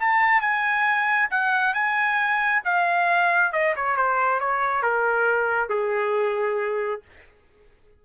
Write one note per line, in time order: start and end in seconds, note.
0.00 0.41 A5
0.41 1.29 G#5
1.30 1.74 F#5
1.74 2.62 G#5
2.64 3.52 F5
3.52 3.74 D#5
3.76 3.96 C#5
3.96 4.40 C5
4.40 4.82 C#5
4.82 5.69 A#4
5.69 7.02 G#4